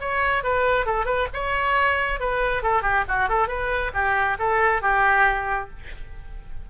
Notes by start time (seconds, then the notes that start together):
0.00 C#5
0.43 B4
0.85 A4
1.05 B4
1.33 C#5
2.20 B4
2.62 A4
2.82 G4
3.08 F#4
3.29 A4
3.47 B4
3.93 G4
4.39 A4
4.81 G4